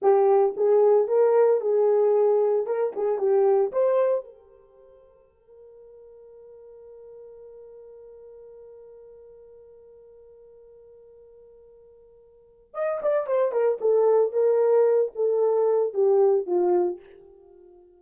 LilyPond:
\new Staff \with { instrumentName = "horn" } { \time 4/4 \tempo 4 = 113 g'4 gis'4 ais'4 gis'4~ | gis'4 ais'8 gis'8 g'4 c''4 | ais'1~ | ais'1~ |
ais'1~ | ais'1 | dis''8 d''8 c''8 ais'8 a'4 ais'4~ | ais'8 a'4. g'4 f'4 | }